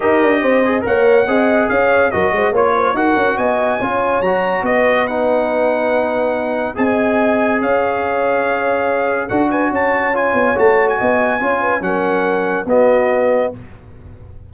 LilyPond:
<<
  \new Staff \with { instrumentName = "trumpet" } { \time 4/4 \tempo 4 = 142 dis''2 fis''2 | f''4 dis''4 cis''4 fis''4 | gis''2 ais''4 dis''4 | fis''1 |
gis''2 f''2~ | f''2 fis''8 gis''8 a''4 | gis''4 a''8. gis''2~ gis''16 | fis''2 dis''2 | }
  \new Staff \with { instrumentName = "horn" } { \time 4/4 ais'4 c''4 cis''4 dis''4 | cis''4 ais'8 c''8 cis''8 c''8 ais'4 | dis''4 cis''2 b'4~ | b'1 |
dis''2 cis''2~ | cis''2 a'8 b'8 cis''4~ | cis''2 dis''4 cis''8 b'8 | ais'2 fis'2 | }
  \new Staff \with { instrumentName = "trombone" } { \time 4/4 g'4. gis'8 ais'4 gis'4~ | gis'4 fis'4 f'4 fis'4~ | fis'4 f'4 fis'2 | dis'1 |
gis'1~ | gis'2 fis'2 | f'4 fis'2 f'4 | cis'2 b2 | }
  \new Staff \with { instrumentName = "tuba" } { \time 4/4 dis'8 d'8 c'4 ais4 c'4 | cis'4 fis8 gis8 ais4 dis'8 cis'8 | b4 cis'4 fis4 b4~ | b1 |
c'2 cis'2~ | cis'2 d'4 cis'4~ | cis'8 b8 a4 b4 cis'4 | fis2 b2 | }
>>